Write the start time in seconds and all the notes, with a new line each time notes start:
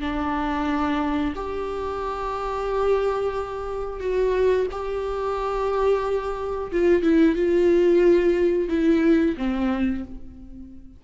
0.00 D4
1.35 G4
4.00 F#4
4.72 G4
6.72 F4
7.03 E4
7.35 F4
8.68 E4
9.38 C4